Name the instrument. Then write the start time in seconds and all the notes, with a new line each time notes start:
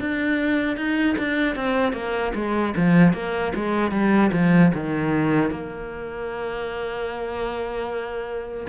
cello
0.00 D4
0.77 D#4
1.18 D4
1.56 C4
1.93 A#3
2.35 G#3
2.77 F3
3.14 A#3
3.55 G#3
3.92 G3
4.33 F3
4.74 D#3
5.51 A#3